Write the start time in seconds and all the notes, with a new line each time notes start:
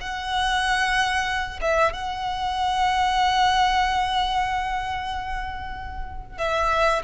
0.00 F#5
1.61 E5
1.92 F#5
6.38 E5